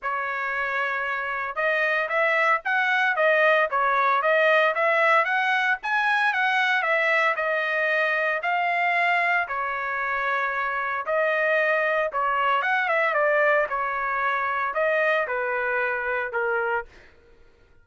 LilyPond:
\new Staff \with { instrumentName = "trumpet" } { \time 4/4 \tempo 4 = 114 cis''2. dis''4 | e''4 fis''4 dis''4 cis''4 | dis''4 e''4 fis''4 gis''4 | fis''4 e''4 dis''2 |
f''2 cis''2~ | cis''4 dis''2 cis''4 | fis''8 e''8 d''4 cis''2 | dis''4 b'2 ais'4 | }